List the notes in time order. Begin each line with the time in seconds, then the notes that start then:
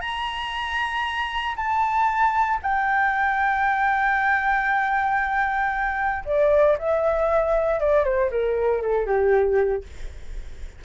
0.00 A#5
1.56 A5
2.62 G5
6.25 D5
6.78 E5
7.80 D5
8.04 C5
8.31 A#4
8.82 A4
9.06 G4